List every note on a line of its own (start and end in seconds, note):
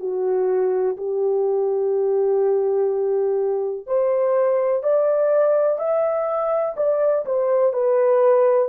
0.00 0.97 F#4
0.97 3.87 G4
3.87 4.83 C5
4.83 5.79 D5
5.79 6.76 E5
6.77 7.25 D5
7.26 7.73 C5
7.73 8.69 B4